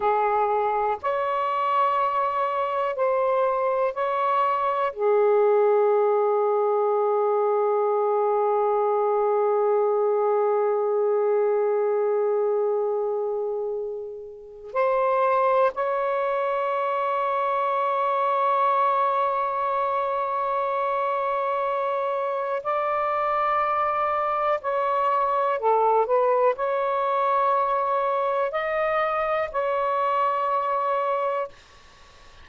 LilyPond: \new Staff \with { instrumentName = "saxophone" } { \time 4/4 \tempo 4 = 61 gis'4 cis''2 c''4 | cis''4 gis'2.~ | gis'1~ | gis'2. c''4 |
cis''1~ | cis''2. d''4~ | d''4 cis''4 a'8 b'8 cis''4~ | cis''4 dis''4 cis''2 | }